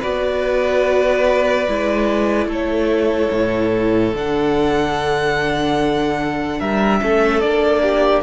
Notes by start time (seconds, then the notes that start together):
0.00 B3 F#4 B4 D5
1.67 G#3 E4
2.46 A3 A4 C#5
3.31 A2
4.13 D3 D4 F#5
6.59 G3 A#4 E5
7.01 A3 C#4 A4
7.40 A#3 D4 D5
7.82 G4